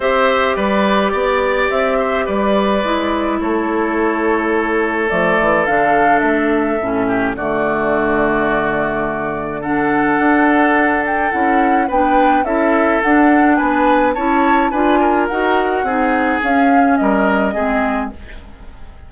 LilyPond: <<
  \new Staff \with { instrumentName = "flute" } { \time 4/4 \tempo 4 = 106 e''4 d''2 e''4 | d''2 cis''2~ | cis''4 d''4 f''4 e''4~ | e''4 d''2.~ |
d''4 fis''2~ fis''8 g''8 | fis''4 g''4 e''4 fis''4 | gis''4 a''4 gis''4 fis''4~ | fis''4 f''4 dis''2 | }
  \new Staff \with { instrumentName = "oboe" } { \time 4/4 c''4 b'4 d''4. c''8 | b'2 a'2~ | a'1~ | a'8 g'8 fis'2.~ |
fis'4 a'2.~ | a'4 b'4 a'2 | b'4 cis''4 b'8 ais'4. | gis'2 ais'4 gis'4 | }
  \new Staff \with { instrumentName = "clarinet" } { \time 4/4 g'1~ | g'4 e'2.~ | e'4 a4 d'2 | cis'4 a2.~ |
a4 d'2. | e'4 d'4 e'4 d'4~ | d'4 e'4 f'4 fis'4 | dis'4 cis'2 c'4 | }
  \new Staff \with { instrumentName = "bassoon" } { \time 4/4 c'4 g4 b4 c'4 | g4 gis4 a2~ | a4 f8 e8 d4 a4 | a,4 d2.~ |
d2 d'2 | cis'4 b4 cis'4 d'4 | b4 cis'4 d'4 dis'4 | c'4 cis'4 g4 gis4 | }
>>